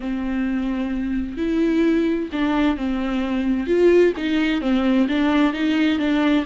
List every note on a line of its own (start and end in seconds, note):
0.00 1.37 C4
1.37 2.29 E4
2.32 2.76 D4
2.76 3.67 C4
3.67 4.13 F4
4.16 4.61 D#4
4.61 5.07 C4
5.08 5.53 D4
5.53 5.99 D#4
5.99 6.45 D4